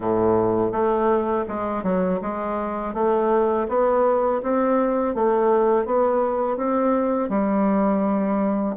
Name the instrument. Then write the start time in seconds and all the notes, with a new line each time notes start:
bassoon
0.00 A2
0.72 A3
1.48 G#3
1.83 F#3
2.21 G#3
2.93 A3
3.68 B3
4.42 C4
5.15 A3
5.85 B3
6.57 C4
7.29 G3